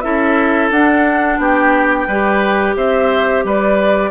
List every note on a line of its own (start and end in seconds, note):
0.00 0.70 C#4
0.00 0.71 E4
0.00 1.39 A4
0.00 0.68 E5
0.70 1.38 D4
0.70 2.09 D4
0.70 1.39 F#5
1.38 2.06 B3
1.38 2.07 G4
1.38 2.76 G5
2.07 2.75 G3
2.07 4.10 G4
2.07 2.75 B4
2.76 3.44 C4
2.76 3.44 C5
2.76 3.44 E5
3.44 4.10 G3
3.44 4.10 B4
3.44 4.10 D5